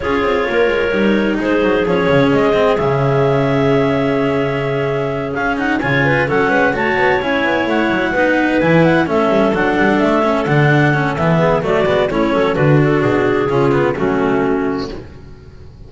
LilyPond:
<<
  \new Staff \with { instrumentName = "clarinet" } { \time 4/4 \tempo 4 = 129 cis''2. c''4 | cis''4 dis''4 e''2~ | e''2.~ e''8 f''8 | fis''8 gis''4 fis''4 a''4 gis''8~ |
gis''8 fis''2 gis''8 fis''8 e''8~ | e''8 fis''4 e''4 fis''4. | e''4 d''4 cis''4 b'8 a'8 | gis'2 fis'2 | }
  \new Staff \with { instrumentName = "clarinet" } { \time 4/4 gis'4 ais'2 gis'4~ | gis'1~ | gis'1~ | gis'8 cis''8 b'8 a'8 b'8 cis''4.~ |
cis''4. b'2 a'8~ | a'1~ | a'8 gis'8 fis'4 e'8 a'8 fis'4~ | fis'4 f'4 cis'2 | }
  \new Staff \with { instrumentName = "cello" } { \time 4/4 f'2 dis'2 | cis'4. c'8 cis'2~ | cis'1 | dis'8 f'4 cis'4 fis'4 e'8~ |
e'4. dis'4 e'4 cis'8~ | cis'8 d'4. cis'8 d'4 cis'8 | b4 a8 b8 cis'4 d'4~ | d'4 cis'8 b8 a2 | }
  \new Staff \with { instrumentName = "double bass" } { \time 4/4 cis'8 c'8 ais8 gis8 g4 gis8 fis8 | f8 cis8 gis4 cis2~ | cis2.~ cis8 cis'8~ | cis'8 cis4 fis8 gis8 a8 b8 cis'8 |
b8 a8 fis8 b4 e4 a8 | g8 fis8 g8 a4 d4. | e4 fis8 gis8 a8 fis8 d4 | b,4 cis4 fis2 | }
>>